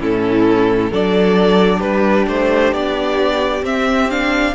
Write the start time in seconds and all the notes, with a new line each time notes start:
0.00 A2 C#4 E4 A4
0.91 F#3 D4 A4 D5
1.78 G3 G4 B4
2.28 A3 C5
2.73 B3 D5
3.62 C4 E5
4.10 D4 F5